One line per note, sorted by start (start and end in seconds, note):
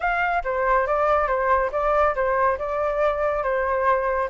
0.00 0.43 F5
0.44 0.86 C5
0.86 1.27 D5
1.27 1.70 C5
1.72 2.14 D5
2.15 2.58 C5
2.58 3.43 D5
3.43 4.29 C5